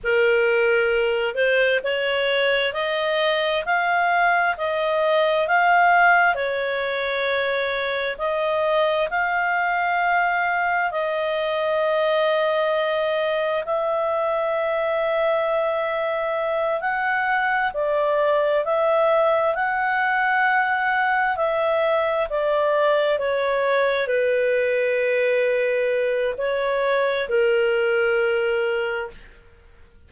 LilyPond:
\new Staff \with { instrumentName = "clarinet" } { \time 4/4 \tempo 4 = 66 ais'4. c''8 cis''4 dis''4 | f''4 dis''4 f''4 cis''4~ | cis''4 dis''4 f''2 | dis''2. e''4~ |
e''2~ e''8 fis''4 d''8~ | d''8 e''4 fis''2 e''8~ | e''8 d''4 cis''4 b'4.~ | b'4 cis''4 ais'2 | }